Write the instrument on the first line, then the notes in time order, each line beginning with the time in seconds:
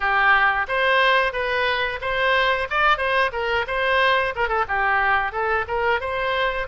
oboe
0.00 G4
0.68 C5
1.32 B4
2.01 C5
2.69 D5
2.97 C5
3.32 A#4
3.67 C5
4.35 A#4
4.48 A4
4.68 G4
5.32 A4
5.67 A#4
6.00 C5